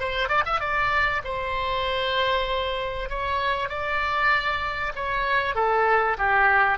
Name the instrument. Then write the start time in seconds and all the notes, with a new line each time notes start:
oboe
0.00 C5
0.29 D5
0.46 E5
0.60 D5
1.24 C5
3.10 C#5
3.69 D5
4.95 C#5
5.55 A4
6.18 G4